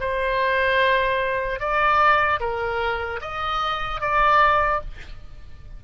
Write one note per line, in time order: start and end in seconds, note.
0.00 1.60 C5
1.60 2.40 D5
2.40 3.20 A#4
3.21 4.01 D#5
4.01 4.81 D5